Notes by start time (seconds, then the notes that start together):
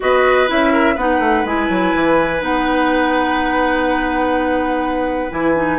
0.00 B3 F#4 B4 D#5
0.47 C#4 E4 E5
0.72 A#4
0.94 B3 D#4 B4 F#5
1.19 A3
1.44 G#3 E4 G#5
1.69 F#3
1.94 E3
2.40 B3 D#4 F#5
5.30 E3 E4 G#5
5.55 D#4